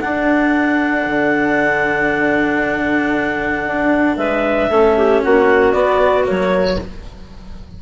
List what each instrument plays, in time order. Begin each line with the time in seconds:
0.00 cello D4, bassoon D4, clarinet A4 F#5
1.05 bassoon D3
3.66 bassoon D4
4.17 bassoon G#3, clarinet B4 E5
4.70 bassoon A3, cello C#4, clarinet A4
4.97 clarinet G4
5.23 bassoon A#3, clarinet F#4 F#5
5.71 cello B3, bassoon B3, clarinet D5
6.24 cello A#3, clarinet C#5
6.30 bassoon F#3